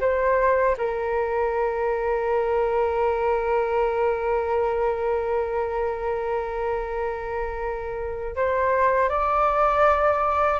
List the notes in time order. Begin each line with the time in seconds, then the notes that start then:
0.00 C5
0.77 A#4
8.35 C5
9.09 D5